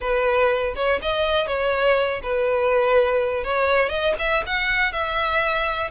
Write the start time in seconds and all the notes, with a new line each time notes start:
0.00 B4
0.75 C#5
1.01 D#5
1.47 C#5
2.22 B4
3.44 C#5
3.89 D#5
4.18 E5
4.46 F#5
4.92 E5